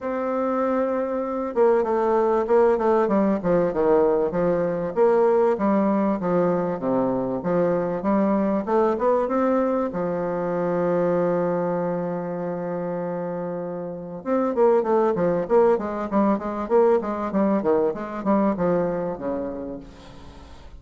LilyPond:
\new Staff \with { instrumentName = "bassoon" } { \time 4/4 \tempo 4 = 97 c'2~ c'8 ais8 a4 | ais8 a8 g8 f8 dis4 f4 | ais4 g4 f4 c4 | f4 g4 a8 b8 c'4 |
f1~ | f2. c'8 ais8 | a8 f8 ais8 gis8 g8 gis8 ais8 gis8 | g8 dis8 gis8 g8 f4 cis4 | }